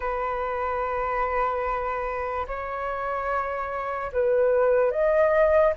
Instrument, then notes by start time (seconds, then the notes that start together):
flute
0.00 B4
2.47 C#5
4.12 B4
4.91 D#5